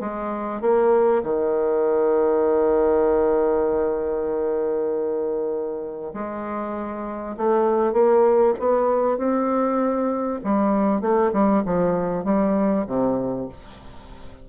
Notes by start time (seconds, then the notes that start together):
0.00 G#3
0.61 A#3
1.23 D#3
6.13 G#3
7.37 A3
7.93 A#3
8.59 B3
9.18 C4
10.44 G3
11.01 A3
11.33 G3
11.65 F3
12.24 G3
12.87 C3